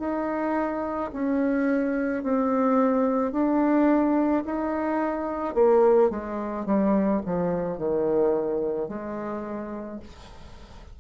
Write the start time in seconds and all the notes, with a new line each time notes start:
0.00 D#4
1.13 C#4
2.24 C4
3.32 D4
4.45 D#4
5.55 A#3
6.11 G#3
6.66 G3
7.26 F3
7.78 D#3
8.89 G#3